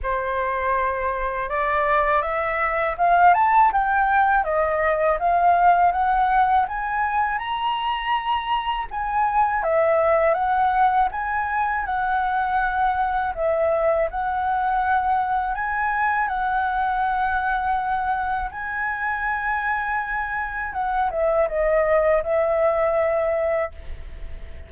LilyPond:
\new Staff \with { instrumentName = "flute" } { \time 4/4 \tempo 4 = 81 c''2 d''4 e''4 | f''8 a''8 g''4 dis''4 f''4 | fis''4 gis''4 ais''2 | gis''4 e''4 fis''4 gis''4 |
fis''2 e''4 fis''4~ | fis''4 gis''4 fis''2~ | fis''4 gis''2. | fis''8 e''8 dis''4 e''2 | }